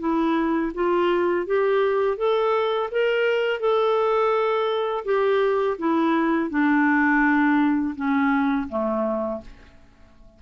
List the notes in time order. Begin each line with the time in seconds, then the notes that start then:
0.00 E4
0.74 F4
1.47 G4
2.18 A4
2.91 A#4
3.60 A4
5.05 G4
5.79 E4
6.50 D4
7.96 C#4
8.69 A3